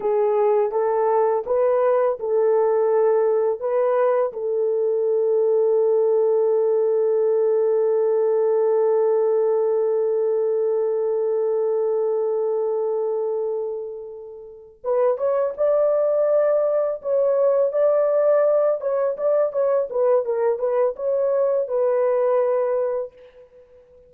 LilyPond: \new Staff \with { instrumentName = "horn" } { \time 4/4 \tempo 4 = 83 gis'4 a'4 b'4 a'4~ | a'4 b'4 a'2~ | a'1~ | a'1~ |
a'1~ | a'8 b'8 cis''8 d''2 cis''8~ | cis''8 d''4. cis''8 d''8 cis''8 b'8 | ais'8 b'8 cis''4 b'2 | }